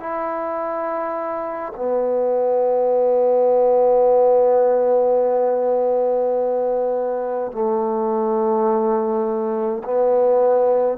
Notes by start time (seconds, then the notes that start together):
0.00 E4
1.76 B3
7.52 A3
9.84 B3